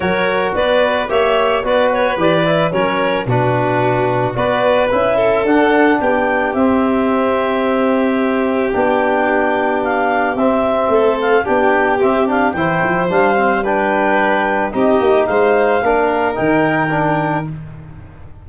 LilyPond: <<
  \new Staff \with { instrumentName = "clarinet" } { \time 4/4 \tempo 4 = 110 cis''4 d''4 e''4 d''8 cis''8 | d''4 cis''4 b'2 | d''4 e''4 fis''4 g''4 | e''1 |
g''2 f''4 e''4~ | e''8 f''8 g''4 e''8 f''8 g''4 | f''4 g''2 dis''4 | f''2 g''2 | }
  \new Staff \with { instrumentName = "violin" } { \time 4/4 ais'4 b'4 cis''4 b'4~ | b'4 ais'4 fis'2 | b'4. a'4. g'4~ | g'1~ |
g'1 | a'4 g'2 c''4~ | c''4 b'2 g'4 | c''4 ais'2. | }
  \new Staff \with { instrumentName = "trombone" } { \time 4/4 fis'2 g'4 fis'4 | g'8 e'8 cis'4 d'2 | fis'4 e'4 d'2 | c'1 |
d'2. c'4~ | c'4 d'4 c'8 d'8 e'4 | d'8 c'8 d'2 dis'4~ | dis'4 d'4 dis'4 d'4 | }
  \new Staff \with { instrumentName = "tuba" } { \time 4/4 fis4 b4 ais4 b4 | e4 fis4 b,2 | b4 cis'4 d'4 b4 | c'1 |
b2. c'4 | a4 b4 c'4 e8 f8 | g2. c'8 ais8 | gis4 ais4 dis2 | }
>>